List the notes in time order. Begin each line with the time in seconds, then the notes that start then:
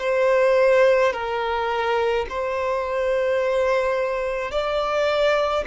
0.00 C5
1.13 A#4
2.30 C5
4.51 D5